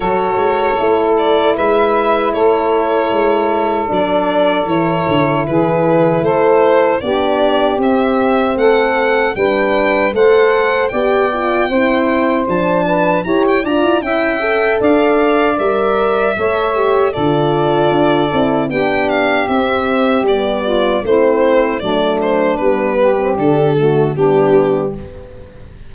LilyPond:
<<
  \new Staff \with { instrumentName = "violin" } { \time 4/4 \tempo 4 = 77 cis''4. d''8 e''4 cis''4~ | cis''4 d''4 cis''4 b'4 | c''4 d''4 e''4 fis''4 | g''4 fis''4 g''2 |
a''4 ais''16 g''16 ais''8 g''4 f''4 | e''2 d''2 | g''8 f''8 e''4 d''4 c''4 | d''8 c''8 b'4 a'4 g'4 | }
  \new Staff \with { instrumentName = "saxophone" } { \time 4/4 a'2 b'4 a'4~ | a'2. gis'4 | a'4 g'2 a'4 | b'4 c''4 d''4 c''4~ |
c''8 b'8 cis''8 d''8 e''4 d''4~ | d''4 cis''4 a'2 | g'2~ g'8 f'8 e'4 | d'4. g'4 fis'8 d'4 | }
  \new Staff \with { instrumentName = "horn" } { \time 4/4 fis'4 e'2.~ | e'4 d'4 e'2~ | e'4 d'4 c'2 | d'4 a'4 g'8 f'8 e'4 |
d'4 g'8 f'8 e'8 a'4. | ais'4 a'8 g'8 f'4. e'8 | d'4 c'4 b4 c'4 | a4 b8. c'16 d'8 a8 b4 | }
  \new Staff \with { instrumentName = "tuba" } { \time 4/4 fis8 gis8 a4 gis4 a4 | gis4 fis4 e8 d8 e4 | a4 b4 c'4 a4 | g4 a4 b4 c'4 |
f4 e'8 d'16 e'16 cis'4 d'4 | g4 a4 d4 d'8 c'8 | b4 c'4 g4 a4 | fis4 g4 d4 g4 | }
>>